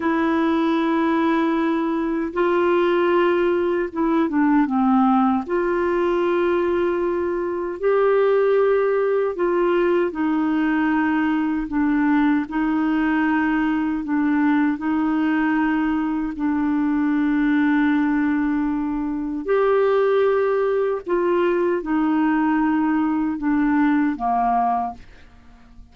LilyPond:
\new Staff \with { instrumentName = "clarinet" } { \time 4/4 \tempo 4 = 77 e'2. f'4~ | f'4 e'8 d'8 c'4 f'4~ | f'2 g'2 | f'4 dis'2 d'4 |
dis'2 d'4 dis'4~ | dis'4 d'2.~ | d'4 g'2 f'4 | dis'2 d'4 ais4 | }